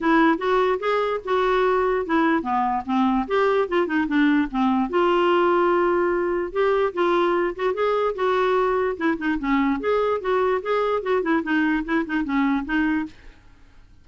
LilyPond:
\new Staff \with { instrumentName = "clarinet" } { \time 4/4 \tempo 4 = 147 e'4 fis'4 gis'4 fis'4~ | fis'4 e'4 b4 c'4 | g'4 f'8 dis'8 d'4 c'4 | f'1 |
g'4 f'4. fis'8 gis'4 | fis'2 e'8 dis'8 cis'4 | gis'4 fis'4 gis'4 fis'8 e'8 | dis'4 e'8 dis'8 cis'4 dis'4 | }